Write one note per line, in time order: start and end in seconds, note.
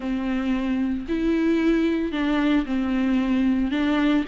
0.00 1.05 C4
1.08 2.12 E4
2.12 2.65 D4
2.65 3.71 C4
3.71 4.24 D4